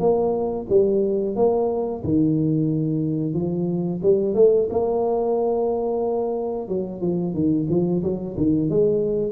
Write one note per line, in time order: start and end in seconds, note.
0.00 0.67 A#3
0.70 1.36 G3
1.36 2.02 A#3
2.04 3.34 D#3
3.34 4.01 F3
4.03 4.35 G3
4.35 4.68 A3
4.70 6.68 A#3
6.68 7.01 F#3
7.01 7.34 F3
7.34 7.67 D#3
7.69 8.03 F3
8.03 8.37 F#3
8.37 8.70 D#3
8.70 9.32 G#3